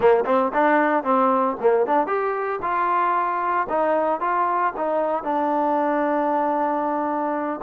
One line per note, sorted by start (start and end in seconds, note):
0.00 0.24 A#3
0.25 0.52 C4
0.53 1.03 D4
1.03 1.56 C4
1.60 1.86 A#3
1.86 2.06 D4
2.06 2.59 G4
2.62 3.67 F4
3.69 4.20 D#4
4.20 4.73 F4
4.76 5.23 D#4
5.23 7.60 D4